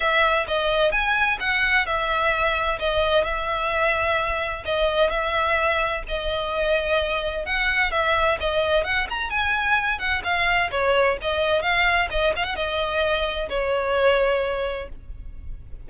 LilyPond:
\new Staff \with { instrumentName = "violin" } { \time 4/4 \tempo 4 = 129 e''4 dis''4 gis''4 fis''4 | e''2 dis''4 e''4~ | e''2 dis''4 e''4~ | e''4 dis''2. |
fis''4 e''4 dis''4 fis''8 ais''8 | gis''4. fis''8 f''4 cis''4 | dis''4 f''4 dis''8 f''16 fis''16 dis''4~ | dis''4 cis''2. | }